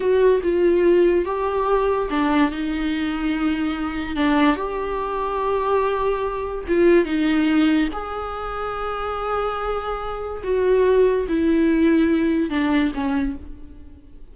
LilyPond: \new Staff \with { instrumentName = "viola" } { \time 4/4 \tempo 4 = 144 fis'4 f'2 g'4~ | g'4 d'4 dis'2~ | dis'2 d'4 g'4~ | g'1 |
f'4 dis'2 gis'4~ | gis'1~ | gis'4 fis'2 e'4~ | e'2 d'4 cis'4 | }